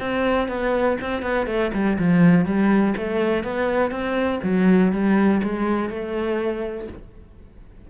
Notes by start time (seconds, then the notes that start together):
0.00 C4
0.48 B3
1.01 C4
1.23 B3
1.47 A3
1.73 G3
1.99 F3
2.45 G3
2.97 A3
3.44 B3
3.91 C4
4.43 F#3
4.93 G3
5.43 G#3
5.90 A3